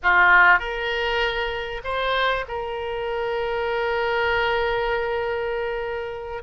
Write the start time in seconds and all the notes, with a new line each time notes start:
0.02 F4
0.59 A#4
1.84 C5
2.47 A#4